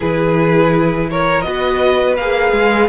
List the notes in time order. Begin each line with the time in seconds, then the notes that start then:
0.00 E3 E4 G#4 B4
1.10 A#4 C#5
1.41 B3 F#4 D#5
1.47 B4
2.16 A#3 G#4 F5
2.52 G#3